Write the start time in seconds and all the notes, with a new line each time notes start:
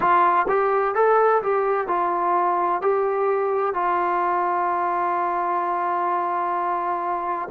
0.00 F4
0.48 G4
0.95 A4
1.42 G4
1.87 F4
2.81 G4
3.73 F4